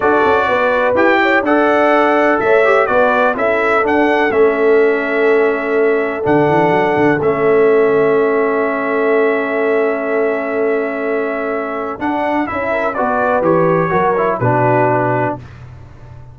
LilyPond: <<
  \new Staff \with { instrumentName = "trumpet" } { \time 4/4 \tempo 4 = 125 d''2 g''4 fis''4~ | fis''4 e''4 d''4 e''4 | fis''4 e''2.~ | e''4 fis''2 e''4~ |
e''1~ | e''1~ | e''4 fis''4 e''4 d''4 | cis''2 b'2 | }
  \new Staff \with { instrumentName = "horn" } { \time 4/4 a'4 b'4. cis''8 d''4~ | d''4 cis''4 b'4 a'4~ | a'1~ | a'1~ |
a'1~ | a'1~ | a'2~ a'8 ais'8 b'4~ | b'4 ais'4 fis'2 | }
  \new Staff \with { instrumentName = "trombone" } { \time 4/4 fis'2 g'4 a'4~ | a'4. g'8 fis'4 e'4 | d'4 cis'2.~ | cis'4 d'2 cis'4~ |
cis'1~ | cis'1~ | cis'4 d'4 e'4 fis'4 | g'4 fis'8 e'8 d'2 | }
  \new Staff \with { instrumentName = "tuba" } { \time 4/4 d'8 cis'8 b4 e'4 d'4~ | d'4 a4 b4 cis'4 | d'4 a2.~ | a4 d8 e8 fis8 d8 a4~ |
a1~ | a1~ | a4 d'4 cis'4 b4 | e4 fis4 b,2 | }
>>